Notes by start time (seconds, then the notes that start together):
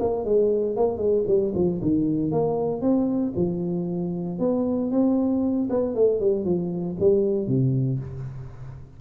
0.00 A#3
0.25 G#3
0.76 A#3
0.98 G#3
1.27 G3
1.55 F3
1.82 D#3
2.32 A#3
2.81 C4
3.36 F3
4.39 B3
4.91 C4
5.70 B3
5.95 A3
6.20 G3
6.45 F3
7.00 G3
7.48 C3